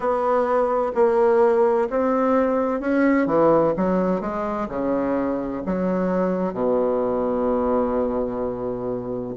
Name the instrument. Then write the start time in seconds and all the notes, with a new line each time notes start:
bassoon
0.00 B3
0.94 A#3
1.90 C4
2.80 C#4
3.26 E3
3.76 F#3
4.21 G#3
4.68 C#3
5.65 F#3
6.53 B2